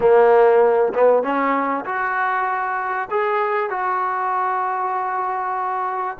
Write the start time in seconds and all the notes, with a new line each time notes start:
0.00 A#3
0.94 B3
1.22 C#4
1.85 F#4
3.10 G#4
3.70 F#4